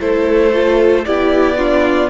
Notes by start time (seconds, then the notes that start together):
0.00 A3 E4 A4 C5
0.53 F4
1.05 B3 E4 G4 D5
1.57 D4 F4